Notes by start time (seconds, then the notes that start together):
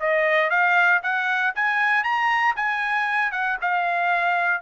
0.00 D#5
0.50 F5
1.03 F#5
1.55 G#5
2.04 A#5
2.56 G#5
3.32 F#5
3.62 F5